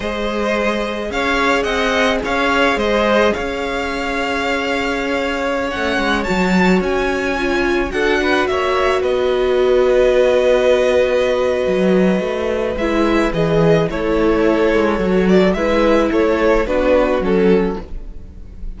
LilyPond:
<<
  \new Staff \with { instrumentName = "violin" } { \time 4/4 \tempo 4 = 108 dis''2 f''4 fis''4 | f''4 dis''4 f''2~ | f''2~ f''16 fis''4 a''8.~ | a''16 gis''2 fis''4 e''8.~ |
e''16 dis''2.~ dis''8.~ | dis''2. e''4 | dis''4 cis''2~ cis''8 d''8 | e''4 cis''4 b'4 a'4 | }
  \new Staff \with { instrumentName = "violin" } { \time 4/4 c''2 cis''4 dis''4 | cis''4 c''4 cis''2~ | cis''1~ | cis''2~ cis''16 a'8 b'8 cis''8.~ |
cis''16 b'2.~ b'8.~ | b'1~ | b'4 a'2. | b'4 a'4 fis'2 | }
  \new Staff \with { instrumentName = "viola" } { \time 4/4 gis'1~ | gis'1~ | gis'2~ gis'16 cis'4 fis'8.~ | fis'4~ fis'16 f'4 fis'4.~ fis'16~ |
fis'1~ | fis'2. e'4 | gis'4 e'2 fis'4 | e'2 d'4 cis'4 | }
  \new Staff \with { instrumentName = "cello" } { \time 4/4 gis2 cis'4 c'4 | cis'4 gis4 cis'2~ | cis'2~ cis'16 a8 gis8 fis8.~ | fis16 cis'2 d'4 ais8.~ |
ais16 b2.~ b8.~ | b4 fis4 a4 gis4 | e4 a4. gis8 fis4 | gis4 a4 b4 fis4 | }
>>